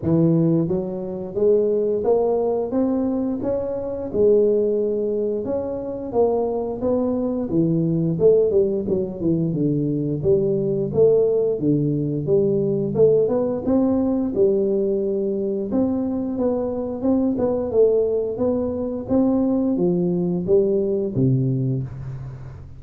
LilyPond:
\new Staff \with { instrumentName = "tuba" } { \time 4/4 \tempo 4 = 88 e4 fis4 gis4 ais4 | c'4 cis'4 gis2 | cis'4 ais4 b4 e4 | a8 g8 fis8 e8 d4 g4 |
a4 d4 g4 a8 b8 | c'4 g2 c'4 | b4 c'8 b8 a4 b4 | c'4 f4 g4 c4 | }